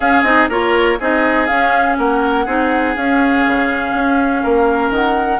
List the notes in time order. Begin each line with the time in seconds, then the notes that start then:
0.00 C#4 G#4 F5
0.23 C4 D#4 D#5
0.49 A#3 F4 A#4 C#5
0.99 C4 D#4 G#4 D#5
1.46 C#4 F5
1.98 A#3 A#4 F#5
2.45 C4 D#4 G#4
2.95 C#4 F5
3.47 C#3
3.93 C#4
4.43 A#3 A#4
4.90 D#3 F#5